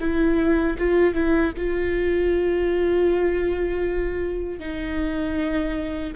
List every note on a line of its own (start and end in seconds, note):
0.00 0.77 E4
0.78 1.14 F4
1.14 1.52 E4
1.57 4.59 F4
4.59 6.13 D#4